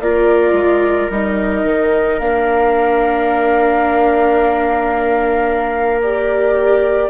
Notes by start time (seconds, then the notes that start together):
0.00 A#3 F4 A#4 D5
0.52 G#3
1.10 G3 D#4 D#5
1.63 D#3
2.19 A#3 D4 F5
6.02 G4 D5